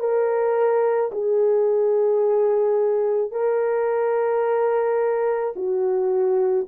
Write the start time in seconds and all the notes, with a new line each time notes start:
0.00 A#4
1.12 G#4
3.32 A#4
5.56 F#4